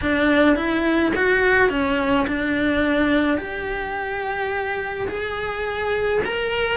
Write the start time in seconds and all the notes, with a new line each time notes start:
0.01 D4
0.56 E4
1.15 F#4
1.69 C#4
2.27 D4
3.37 G4
5.08 G#4
6.25 A#4